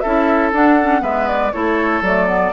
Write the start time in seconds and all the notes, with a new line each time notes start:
0.00 C#4 E4 A4 E5
0.52 D4 F#5
0.82 C#4
1.00 G#3 B3 B4 E5
1.28 D5
1.52 A3 E4 A4 C#5
2.01 F#3 A3 D5
2.27 B3